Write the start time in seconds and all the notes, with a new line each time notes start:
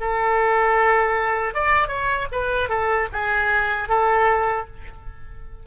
0.00 A4
1.54 D5
1.88 C#5
2.32 B4
2.68 A4
3.12 G#4
3.89 A4